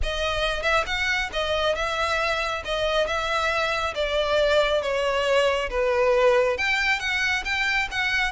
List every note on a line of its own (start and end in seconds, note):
0.02 0.62 D#5
0.62 0.84 E5
0.86 1.30 F#5
1.33 1.75 D#5
1.75 2.62 E5
2.64 3.06 D#5
3.06 3.94 E5
3.95 4.82 D5
4.82 5.69 C#5
5.70 6.57 B4
6.57 6.99 G5
6.99 7.43 F#5
7.44 7.88 G5
7.91 8.32 F#5